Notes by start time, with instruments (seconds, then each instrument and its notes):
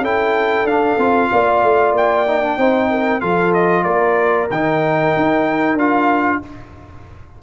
0.00 tuba C#4, trombone E4, horn A4, trumpet G5
0.64 tuba D4, trombone D4, trumpet F5
0.98 tuba C4, trombone F4
1.32 tuba A#3, horn D5
1.63 tuba A3
1.93 tuba A#3, trumpet G5
2.27 trombone D#4
2.42 trombone D4
2.58 tuba C4, trombone D#4, horn C5
2.91 horn A#4
3.21 tuba F3, trombone F4, horn A4, trumpet F5
3.54 trumpet D#5
3.84 tuba A#3, horn A#4, trumpet D5
4.51 tuba D#3, trombone D#4, trumpet G5
5.16 tuba D#4
5.74 tuba D4, trombone F4, trumpet F5